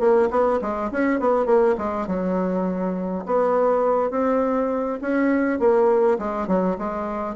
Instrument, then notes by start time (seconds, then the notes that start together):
bassoon
0.00 A#3
0.31 B3
0.61 G#3
0.92 C#4
1.20 B3
1.46 A#3
1.78 G#3
2.07 F#3
3.26 B3
4.11 C4
5.02 C#4
5.60 A#3
6.19 G#3
6.48 F#3
6.79 G#3